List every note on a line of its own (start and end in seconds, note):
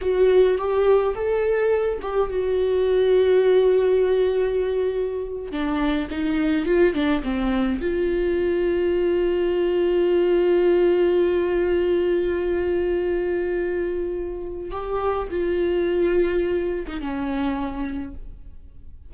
0.01 0.57 F#4
0.57 1.14 G4
1.14 1.99 A4
2.01 2.30 G4
2.30 5.51 F#4
5.51 6.08 D4
6.10 6.65 D#4
6.65 6.93 F4
6.93 7.22 D4
7.23 7.80 C4
7.81 14.71 F4
14.71 15.27 G4
15.30 16.86 F4
16.87 17.00 D#4
17.00 18.13 C#4